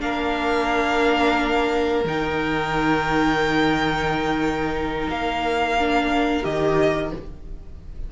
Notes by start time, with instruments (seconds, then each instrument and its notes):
0.00 cello A#3, viola D4, violin A#4 F5
2.05 cello D#3, viola D#4, violin G5
5.10 cello A#3, violin F5
5.79 viola D4
6.43 cello D#3, viola G4, violin D#5